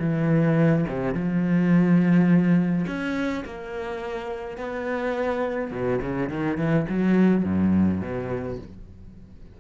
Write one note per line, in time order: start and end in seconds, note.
0.00 0.86 E3
0.89 1.14 C3
1.14 2.86 F3
2.87 3.44 C#4
3.45 4.57 A#3
4.57 5.71 B3
5.71 6.00 B2
6.02 6.30 C#3
6.30 6.57 D#3
6.57 6.86 E3
6.89 7.45 F#3
7.45 8.01 F#2
8.01 8.58 B2